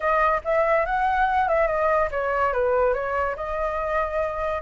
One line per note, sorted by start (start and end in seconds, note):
0.00 0.41 D#5
0.44 0.85 E5
0.85 1.48 F#5
1.48 1.67 E5
1.67 2.09 D#5
2.11 2.52 C#5
2.52 2.93 B4
2.93 3.35 C#5
3.36 4.62 D#5